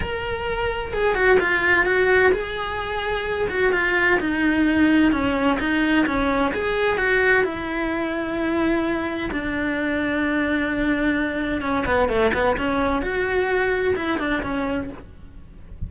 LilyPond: \new Staff \with { instrumentName = "cello" } { \time 4/4 \tempo 4 = 129 ais'2 gis'8 fis'8 f'4 | fis'4 gis'2~ gis'8 fis'8 | f'4 dis'2 cis'4 | dis'4 cis'4 gis'4 fis'4 |
e'1 | d'1~ | d'4 cis'8 b8 a8 b8 cis'4 | fis'2 e'8 d'8 cis'4 | }